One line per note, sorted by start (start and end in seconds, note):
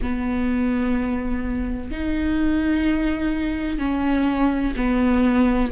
0.01 1.91 B3
1.91 3.78 D#4
3.78 4.74 C#4
4.76 5.71 B3